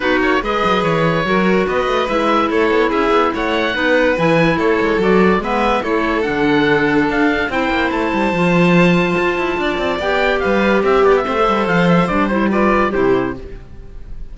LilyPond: <<
  \new Staff \with { instrumentName = "oboe" } { \time 4/4 \tempo 4 = 144 b'8 cis''8 dis''4 cis''2 | dis''4 e''4 cis''4 e''4 | fis''2 gis''4 cis''4 | d''4 e''4 cis''4 fis''4~ |
fis''4 f''4 g''4 a''4~ | a''1 | g''4 f''4 e''8 d''16 e''4~ e''16 | f''8 e''8 d''8 c''8 d''4 c''4 | }
  \new Staff \with { instrumentName = "violin" } { \time 4/4 fis'4 b'2 ais'4 | b'2 a'4 gis'4 | cis''4 b'2 a'4~ | a'4 b'4 a'2~ |
a'2 c''2~ | c''2. d''4~ | d''4 b'4 g'4 c''4~ | c''2 b'4 g'4 | }
  \new Staff \with { instrumentName = "clarinet" } { \time 4/4 dis'4 gis'2 fis'4~ | fis'4 e'2.~ | e'4 dis'4 e'2 | fis'4 b4 e'4 d'4~ |
d'2 e'2 | f'1 | g'2. c'16 a'8.~ | a'4 d'8 e'8 f'4 e'4 | }
  \new Staff \with { instrumentName = "cello" } { \time 4/4 b8 ais8 gis8 fis8 e4 fis4 | b8 a8 gis4 a8 b8 cis'8 b8 | a4 b4 e4 a8 gis8 | fis4 gis4 a4 d4~ |
d4 d'4 c'8 ais8 a8 g8 | f2 f'8 e'8 d'8 c'8 | b4 g4 c'8 b8 a8 g8 | f4 g2 c4 | }
>>